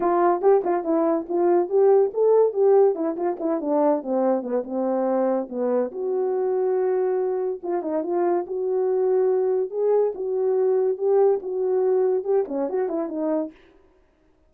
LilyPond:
\new Staff \with { instrumentName = "horn" } { \time 4/4 \tempo 4 = 142 f'4 g'8 f'8 e'4 f'4 | g'4 a'4 g'4 e'8 f'8 | e'8 d'4 c'4 b8 c'4~ | c'4 b4 fis'2~ |
fis'2 f'8 dis'8 f'4 | fis'2. gis'4 | fis'2 g'4 fis'4~ | fis'4 g'8 cis'8 fis'8 e'8 dis'4 | }